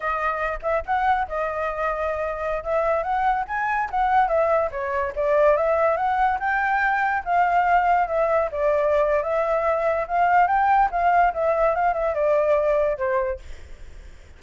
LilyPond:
\new Staff \with { instrumentName = "flute" } { \time 4/4 \tempo 4 = 143 dis''4. e''8 fis''4 dis''4~ | dis''2~ dis''16 e''4 fis''8.~ | fis''16 gis''4 fis''4 e''4 cis''8.~ | cis''16 d''4 e''4 fis''4 g''8.~ |
g''4~ g''16 f''2 e''8.~ | e''16 d''4.~ d''16 e''2 | f''4 g''4 f''4 e''4 | f''8 e''8 d''2 c''4 | }